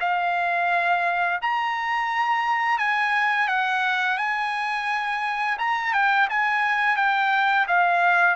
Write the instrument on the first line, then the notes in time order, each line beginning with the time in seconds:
trumpet
0.00 F5
1.41 A#5
2.78 G#5
3.48 F#5
4.18 G#5
5.58 A#5
5.93 G5
6.29 G#5
6.96 G5
7.67 F5